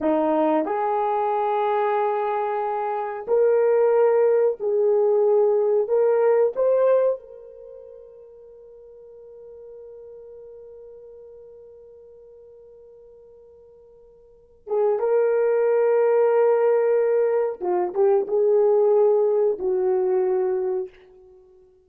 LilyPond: \new Staff \with { instrumentName = "horn" } { \time 4/4 \tempo 4 = 92 dis'4 gis'2.~ | gis'4 ais'2 gis'4~ | gis'4 ais'4 c''4 ais'4~ | ais'1~ |
ais'1~ | ais'2~ ais'8 gis'8 ais'4~ | ais'2. f'8 g'8 | gis'2 fis'2 | }